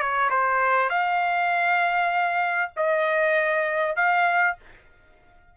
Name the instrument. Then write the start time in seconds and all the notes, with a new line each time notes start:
trumpet
0.00 C#5
0.30 C5
0.90 F5
2.77 D#5
3.96 F5